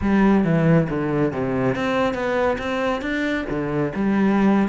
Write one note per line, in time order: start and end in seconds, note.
0.01 0.44 G3
0.44 0.88 E3
0.89 1.32 D3
1.32 1.75 C3
1.75 2.13 C4
2.13 2.57 B3
2.58 3.01 C4
3.01 3.45 D4
3.49 3.92 D3
3.95 4.68 G3